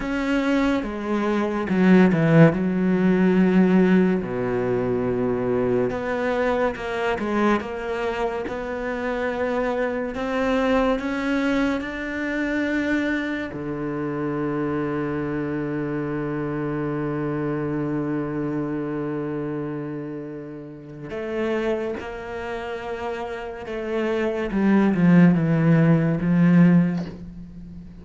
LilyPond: \new Staff \with { instrumentName = "cello" } { \time 4/4 \tempo 4 = 71 cis'4 gis4 fis8 e8 fis4~ | fis4 b,2 b4 | ais8 gis8 ais4 b2 | c'4 cis'4 d'2 |
d1~ | d1~ | d4 a4 ais2 | a4 g8 f8 e4 f4 | }